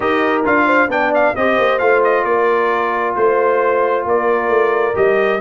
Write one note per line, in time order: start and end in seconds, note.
0.00 0.45 D#4
0.00 0.44 G4
0.00 0.65 A#4
0.00 0.43 D#5
0.44 0.87 D4
0.44 0.89 F4
0.44 0.90 F5
0.65 0.88 C5
0.87 1.32 B3
0.87 1.34 D4
0.87 1.36 D5
0.87 1.13 G5
1.14 1.35 F5
1.35 1.58 C4
1.35 1.80 G4
1.35 2.26 C5
1.35 1.78 D#5
1.58 1.80 A#3
1.78 2.24 A3
1.78 4.94 F4
1.78 2.01 F5
2.04 2.24 D#5
2.24 3.14 A#3
2.24 3.16 A#4
2.24 3.14 D5
3.16 4.05 A3
3.16 4.06 C5
3.16 4.05 C5
4.05 4.49 A#3
4.05 5.40 A#4
4.05 4.96 D5
4.49 4.94 A3
4.94 5.40 G3
4.94 5.39 G4
4.94 5.40 D#5